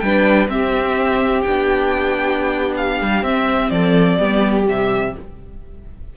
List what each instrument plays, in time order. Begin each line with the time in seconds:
0.00 cello G3, viola D4, violin B4 G5
0.48 viola C4, cello C4, violin G4 E5
1.42 cello B3, viola D4, violin G5
2.77 violin F5
3.01 cello G3
3.22 cello C4, viola C4, violin E5
3.70 cello F3, violin A4 D5
4.18 cello G3, viola B3, violin G4
4.64 cello C3, viola G3, violin E5